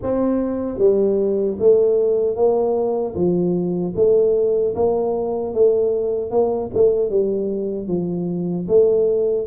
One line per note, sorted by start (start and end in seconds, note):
0.02 0.78 C4
0.78 1.57 G3
1.59 2.35 A3
2.35 3.14 A#3
3.15 3.94 F3
3.95 4.74 A3
4.75 5.53 A#3
5.53 6.31 A3
6.31 6.70 A#3
6.74 7.10 A3
7.10 7.87 G3
7.87 8.66 F3
8.68 9.47 A3